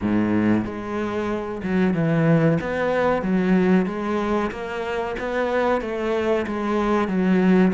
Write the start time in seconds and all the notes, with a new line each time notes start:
0.01 G#2
0.64 G#3
1.63 F#3
1.94 E3
2.60 B3
3.22 F#3
3.86 G#3
4.51 A#3
5.19 B3
5.81 A3
6.46 G#3
7.08 F#3